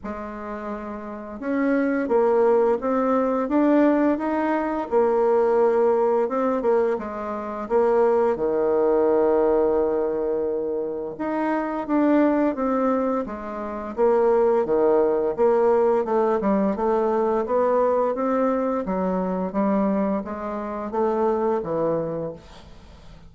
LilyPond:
\new Staff \with { instrumentName = "bassoon" } { \time 4/4 \tempo 4 = 86 gis2 cis'4 ais4 | c'4 d'4 dis'4 ais4~ | ais4 c'8 ais8 gis4 ais4 | dis1 |
dis'4 d'4 c'4 gis4 | ais4 dis4 ais4 a8 g8 | a4 b4 c'4 fis4 | g4 gis4 a4 e4 | }